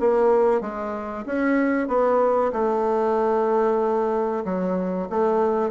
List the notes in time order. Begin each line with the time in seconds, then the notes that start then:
0.00 A#3
0.61 G#3
1.26 C#4
1.88 B3
2.53 A3
4.45 F#3
5.10 A3